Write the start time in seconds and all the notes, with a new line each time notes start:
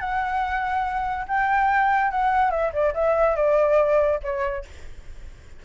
0.00 F#5
1.28 G5
2.11 F#5
2.51 E5
2.73 D5
2.94 E5
3.36 D5
4.23 C#5